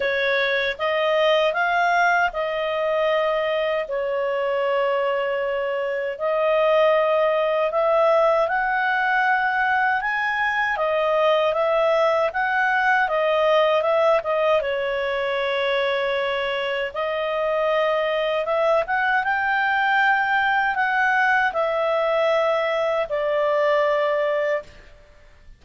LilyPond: \new Staff \with { instrumentName = "clarinet" } { \time 4/4 \tempo 4 = 78 cis''4 dis''4 f''4 dis''4~ | dis''4 cis''2. | dis''2 e''4 fis''4~ | fis''4 gis''4 dis''4 e''4 |
fis''4 dis''4 e''8 dis''8 cis''4~ | cis''2 dis''2 | e''8 fis''8 g''2 fis''4 | e''2 d''2 | }